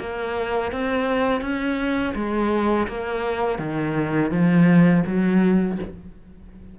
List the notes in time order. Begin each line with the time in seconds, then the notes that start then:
0.00 A#3
0.72 C4
1.41 C#4
2.16 G#3
2.88 A#3
3.59 D#3
4.31 F3
5.06 F#3